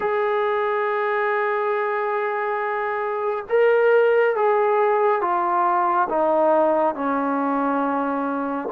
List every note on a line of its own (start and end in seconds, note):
0.00 3.45 G#4
3.49 4.35 A#4
4.35 5.21 G#4
5.21 6.08 F4
6.09 6.94 D#4
6.94 8.68 C#4